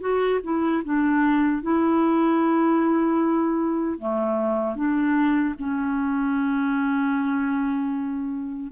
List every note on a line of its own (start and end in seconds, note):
0.00 0.39 F#4
0.43 0.83 E4
0.84 1.62 D4
1.62 3.98 E4
3.98 4.75 A3
4.75 5.54 D4
5.58 8.72 C#4